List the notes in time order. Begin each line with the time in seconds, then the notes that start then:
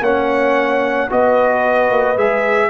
0.00 A#3 C#4 C#5 F#5
1.09 B3 F#4 B4 D#5
1.90 A#3
2.17 G#3 G#4 E5